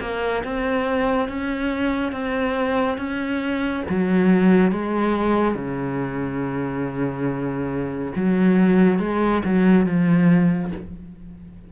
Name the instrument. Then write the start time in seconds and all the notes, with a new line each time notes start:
cello
0.00 A#3
0.44 C4
1.28 C#4
2.12 C4
2.98 C#4
3.89 F#3
4.71 G#3
5.54 C#3
8.15 F#3
8.99 G#3
9.45 F#3
9.86 F3